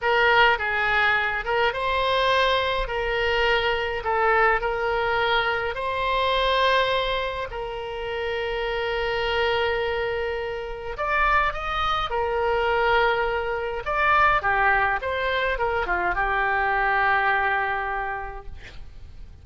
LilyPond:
\new Staff \with { instrumentName = "oboe" } { \time 4/4 \tempo 4 = 104 ais'4 gis'4. ais'8 c''4~ | c''4 ais'2 a'4 | ais'2 c''2~ | c''4 ais'2.~ |
ais'2. d''4 | dis''4 ais'2. | d''4 g'4 c''4 ais'8 f'8 | g'1 | }